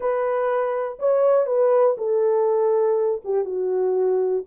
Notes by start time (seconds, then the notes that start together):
0.00 B4
0.99 C#5
1.46 B4
1.97 A4
3.24 G4
3.45 F#4